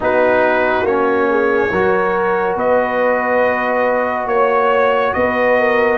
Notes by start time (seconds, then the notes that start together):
0.00 B3 D#4 F#4 B4
0.82 A#3 C#4 C#5
1.29 G#4
1.71 F#3 F#4 A#4
2.56 B3 B4 D#5
4.26 A#3 C#5
5.13 B3 B4 D#5
5.58 A#4